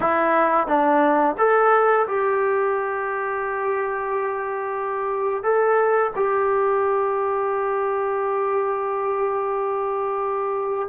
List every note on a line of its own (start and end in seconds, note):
0.00 0.67 E4
0.67 1.35 D4
1.38 2.06 A4
2.07 5.43 G4
5.43 6.11 A4
6.15 10.88 G4